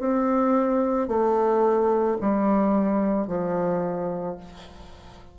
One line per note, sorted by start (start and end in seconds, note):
0.00 1.09 C4
1.09 2.18 A3
2.21 3.28 G3
3.28 4.37 F3